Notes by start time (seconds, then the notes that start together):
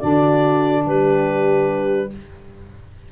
0.00 D3 D4 F#4 D5
0.86 G3 G4 B4